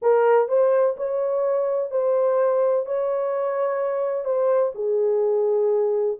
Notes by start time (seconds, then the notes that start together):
0.02 A#4
0.48 C5
0.97 C#5
1.90 C5
2.85 C#5
4.24 C5
4.74 G#4